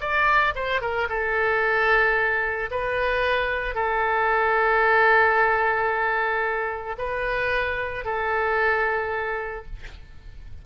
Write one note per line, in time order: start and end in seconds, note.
0.00 0.54 D5
0.55 0.81 C5
0.81 1.08 A#4
1.09 2.69 A4
2.71 3.74 B4
3.74 6.96 A4
6.98 8.04 B4
8.04 9.65 A4